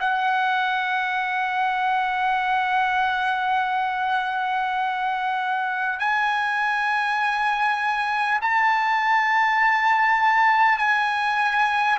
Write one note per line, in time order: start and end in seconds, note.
0.00 5.99 F#5
5.99 8.39 G#5
8.42 10.78 A5
10.78 11.98 G#5